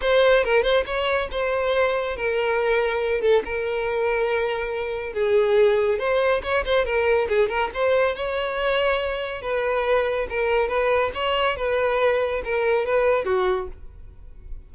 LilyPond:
\new Staff \with { instrumentName = "violin" } { \time 4/4 \tempo 4 = 140 c''4 ais'8 c''8 cis''4 c''4~ | c''4 ais'2~ ais'8 a'8 | ais'1 | gis'2 c''4 cis''8 c''8 |
ais'4 gis'8 ais'8 c''4 cis''4~ | cis''2 b'2 | ais'4 b'4 cis''4 b'4~ | b'4 ais'4 b'4 fis'4 | }